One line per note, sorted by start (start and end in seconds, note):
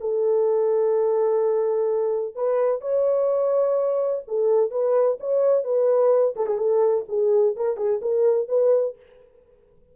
0.00 2.35 A4
2.35 2.81 B4
2.81 4.23 C#5
4.27 4.71 A4
4.71 5.18 B4
5.20 5.64 C#5
5.64 6.35 B4
6.36 6.46 A4
6.46 6.57 G#4
6.57 7.04 A4
7.08 7.55 G#4
7.55 7.77 A#4
7.77 8.00 G#4
8.01 8.48 A#4
8.48 8.95 B4